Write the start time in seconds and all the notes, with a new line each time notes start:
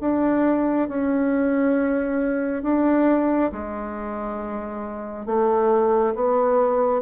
0.00 D4
0.88 C#4
2.63 D4
3.51 G#3
5.26 A3
6.14 B3